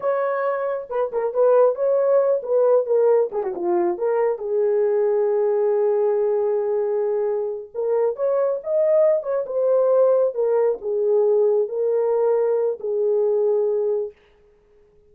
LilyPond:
\new Staff \with { instrumentName = "horn" } { \time 4/4 \tempo 4 = 136 cis''2 b'8 ais'8 b'4 | cis''4. b'4 ais'4 gis'16 fis'16 | f'4 ais'4 gis'2~ | gis'1~ |
gis'4. ais'4 cis''4 dis''8~ | dis''4 cis''8 c''2 ais'8~ | ais'8 gis'2 ais'4.~ | ais'4 gis'2. | }